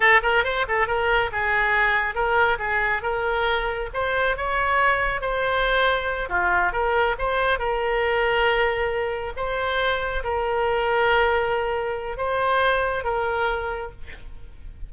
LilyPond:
\new Staff \with { instrumentName = "oboe" } { \time 4/4 \tempo 4 = 138 a'8 ais'8 c''8 a'8 ais'4 gis'4~ | gis'4 ais'4 gis'4 ais'4~ | ais'4 c''4 cis''2 | c''2~ c''8 f'4 ais'8~ |
ais'8 c''4 ais'2~ ais'8~ | ais'4. c''2 ais'8~ | ais'1 | c''2 ais'2 | }